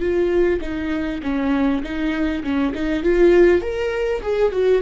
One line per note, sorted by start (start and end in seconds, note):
0.00 0.60 F4
0.61 1.21 D#4
1.23 1.83 C#4
1.83 2.43 D#4
2.44 2.74 C#4
2.74 3.03 D#4
3.03 3.62 F4
3.62 4.22 A#4
4.22 4.52 G#4
4.52 4.82 F#4